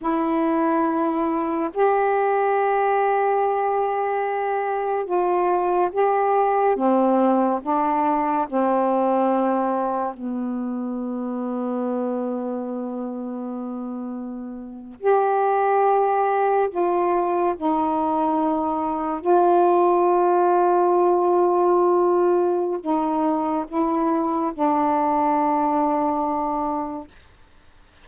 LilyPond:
\new Staff \with { instrumentName = "saxophone" } { \time 4/4 \tempo 4 = 71 e'2 g'2~ | g'2 f'4 g'4 | c'4 d'4 c'2 | b1~ |
b4.~ b16 g'2 f'16~ | f'8. dis'2 f'4~ f'16~ | f'2. dis'4 | e'4 d'2. | }